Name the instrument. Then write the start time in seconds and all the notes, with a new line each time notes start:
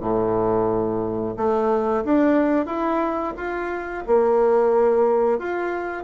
bassoon
0.00 A2
1.36 A3
2.04 D4
2.66 E4
3.36 F4
4.07 A#3
5.38 F4